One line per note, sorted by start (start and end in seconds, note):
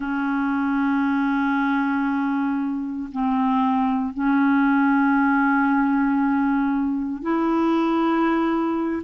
0.00 3.09 C#4
3.11 4.13 C4
4.13 7.21 C#4
7.21 9.02 E4